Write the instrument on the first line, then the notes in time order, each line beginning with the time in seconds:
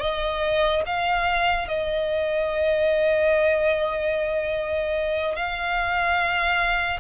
violin
0.00 D#5
0.86 F5
1.68 D#5
5.35 F5